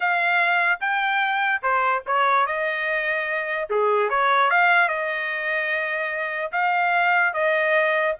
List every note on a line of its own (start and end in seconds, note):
0.00 0.79 F5
0.80 1.62 G5
1.62 2.03 C5
2.06 2.46 C#5
2.46 3.68 D#5
3.69 4.09 G#4
4.09 4.50 C#5
4.50 4.88 F5
4.88 6.51 D#5
6.51 7.33 F5
7.33 8.15 D#5